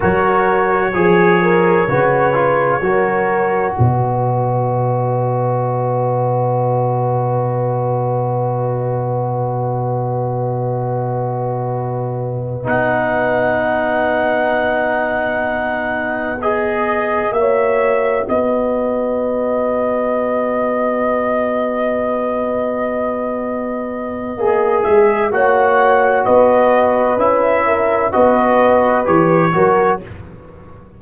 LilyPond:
<<
  \new Staff \with { instrumentName = "trumpet" } { \time 4/4 \tempo 4 = 64 cis''1 | dis''1~ | dis''1~ | dis''4. fis''2~ fis''8~ |
fis''4. dis''4 e''4 dis''8~ | dis''1~ | dis''2~ dis''8 e''8 fis''4 | dis''4 e''4 dis''4 cis''4 | }
  \new Staff \with { instrumentName = "horn" } { \time 4/4 ais'4 gis'8 ais'8 b'4 ais'4 | b'1~ | b'1~ | b'1~ |
b'2~ b'8 cis''4 b'8~ | b'1~ | b'2. cis''4 | b'4. ais'8 b'4. ais'8 | }
  \new Staff \with { instrumentName = "trombone" } { \time 4/4 fis'4 gis'4 fis'8 f'8 fis'4~ | fis'1~ | fis'1~ | fis'4. dis'2~ dis'8~ |
dis'4. gis'4 fis'4.~ | fis'1~ | fis'2 gis'4 fis'4~ | fis'4 e'4 fis'4 g'8 fis'8 | }
  \new Staff \with { instrumentName = "tuba" } { \time 4/4 fis4 f4 cis4 fis4 | b,1~ | b,1~ | b,4. b2~ b8~ |
b2~ b8 ais4 b8~ | b1~ | b2 ais8 gis8 ais4 | b4 cis'4 b4 e8 fis8 | }
>>